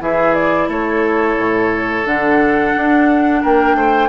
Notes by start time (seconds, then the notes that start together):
0.00 E3 E4 G#4 E5
0.34 D5
0.68 A3 A4 C#5
1.37 A2
2.05 D3 D4 F#5
2.76 D4
3.42 A#3 A#4 G5
3.74 A3 C5